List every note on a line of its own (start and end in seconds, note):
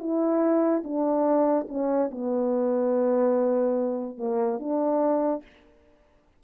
0.00 0.83 E4
0.84 1.67 D4
1.69 2.11 C#4
2.11 4.18 B3
4.18 4.59 A#3
4.59 5.43 D4